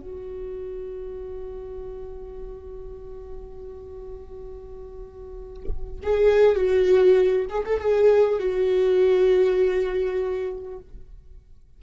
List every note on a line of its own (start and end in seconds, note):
0.00 6.00 F#4
6.02 6.55 G#4
6.55 7.45 F#4
7.49 7.64 G#4
7.65 7.80 A4
7.80 8.39 G#4
8.39 10.79 F#4